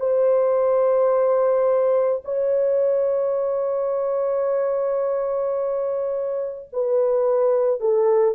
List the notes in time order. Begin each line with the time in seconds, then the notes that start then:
0.00 C5
2.25 C#5
6.73 B4
7.81 A4